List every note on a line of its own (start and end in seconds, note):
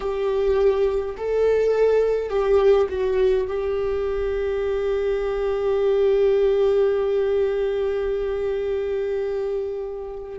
0.00 1.15 G4
1.17 2.29 A4
2.29 2.87 G4
2.89 3.47 F#4
3.47 10.38 G4